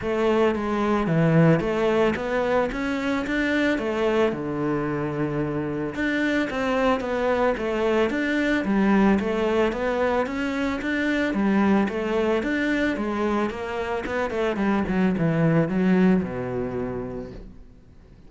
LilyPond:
\new Staff \with { instrumentName = "cello" } { \time 4/4 \tempo 4 = 111 a4 gis4 e4 a4 | b4 cis'4 d'4 a4 | d2. d'4 | c'4 b4 a4 d'4 |
g4 a4 b4 cis'4 | d'4 g4 a4 d'4 | gis4 ais4 b8 a8 g8 fis8 | e4 fis4 b,2 | }